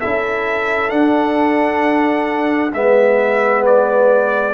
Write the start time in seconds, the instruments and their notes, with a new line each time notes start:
0.00 tuba C#4, trombone E4, horn A4, trumpet E5
0.89 trombone D4, tuba D4, trumpet F#5
2.73 tuba G#3, trombone B3, horn B4, trumpet E5
3.66 trumpet D5